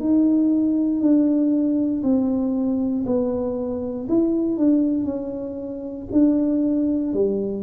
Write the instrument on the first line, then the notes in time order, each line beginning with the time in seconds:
tuba
0.00 D#4
1.01 D4
2.03 C4
3.06 B3
4.09 E4
4.58 D4
5.05 C#4
6.12 D4
7.14 G3